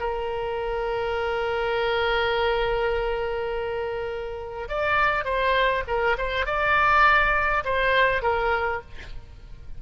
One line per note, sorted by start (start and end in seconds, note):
0.00 4.69 A#4
4.69 5.25 D5
5.25 5.84 C5
5.88 6.17 A#4
6.18 6.46 C5
6.46 7.64 D5
7.65 8.23 C5
8.23 8.82 A#4